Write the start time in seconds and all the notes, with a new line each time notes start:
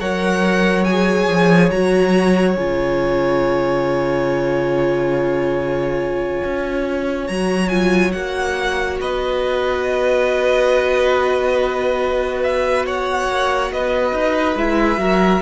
0.00 F#3 A#4 C#5 F#5
0.84 G#4 G#5
1.28 F3
1.70 F#3 F#4 A#5
2.56 C#3 F4 G#5
6.44 C#4
7.27 F#3 F#4 A#5
7.69 F4 G#5
8.12 A#3 F#4 F#5
9.00 B3 B4 D#5
12.43 E5
12.86 C#5 F#5
13.28 A#3
13.72 B3 B4 D#5
14.12 D#4
14.55 G#3 E4 E5
14.98 F#3 F#4 A#4